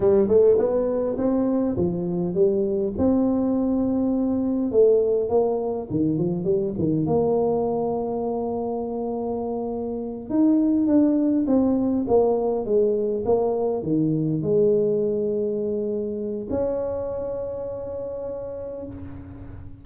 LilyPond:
\new Staff \with { instrumentName = "tuba" } { \time 4/4 \tempo 4 = 102 g8 a8 b4 c'4 f4 | g4 c'2. | a4 ais4 dis8 f8 g8 dis8 | ais1~ |
ais4. dis'4 d'4 c'8~ | c'8 ais4 gis4 ais4 dis8~ | dis8 gis2.~ gis8 | cis'1 | }